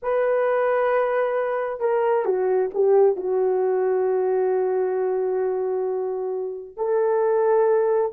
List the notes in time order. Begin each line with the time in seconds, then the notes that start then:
0.02 B4
1.80 A#4
2.25 F#4
2.74 G4
3.16 F#4
6.76 A4